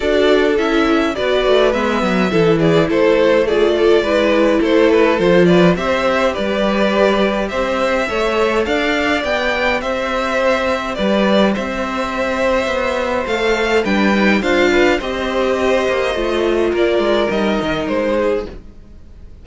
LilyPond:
<<
  \new Staff \with { instrumentName = "violin" } { \time 4/4 \tempo 4 = 104 d''4 e''4 d''4 e''4~ | e''8 d''8 c''4 d''2 | c''8 b'8 c''8 d''8 e''4 d''4~ | d''4 e''2 f''4 |
g''4 e''2 d''4 | e''2. f''4 | g''4 f''4 dis''2~ | dis''4 d''4 dis''4 c''4 | }
  \new Staff \with { instrumentName = "violin" } { \time 4/4 a'2 b'2 | a'8 gis'8 a'4 gis'8 a'8 b'4 | a'4. b'8 c''4 b'4~ | b'4 c''4 cis''4 d''4~ |
d''4 c''2 b'4 | c''1 | b'4 c''8 b'8 c''2~ | c''4 ais'2~ ais'8 gis'8 | }
  \new Staff \with { instrumentName = "viola" } { \time 4/4 fis'4 e'4 fis'4 b4 | e'2 f'4 e'4~ | e'4 f'4 g'2~ | g'2 a'2 |
g'1~ | g'2. a'4 | d'8 dis'8 f'4 g'2 | f'2 dis'2 | }
  \new Staff \with { instrumentName = "cello" } { \time 4/4 d'4 cis'4 b8 a8 gis8 fis8 | e4 a2 gis4 | a4 f4 c'4 g4~ | g4 c'4 a4 d'4 |
b4 c'2 g4 | c'2 b4 a4 | g4 d'4 c'4. ais8 | a4 ais8 gis8 g8 dis8 gis4 | }
>>